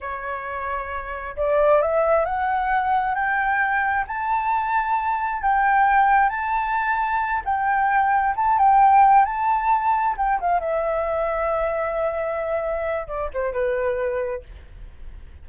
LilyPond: \new Staff \with { instrumentName = "flute" } { \time 4/4 \tempo 4 = 133 cis''2. d''4 | e''4 fis''2 g''4~ | g''4 a''2. | g''2 a''2~ |
a''8 g''2 a''8 g''4~ | g''8 a''2 g''8 f''8 e''8~ | e''1~ | e''4 d''8 c''8 b'2 | }